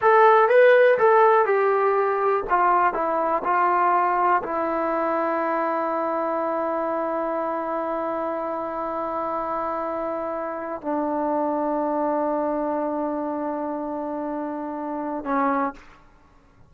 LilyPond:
\new Staff \with { instrumentName = "trombone" } { \time 4/4 \tempo 4 = 122 a'4 b'4 a'4 g'4~ | g'4 f'4 e'4 f'4~ | f'4 e'2.~ | e'1~ |
e'1~ | e'2 d'2~ | d'1~ | d'2. cis'4 | }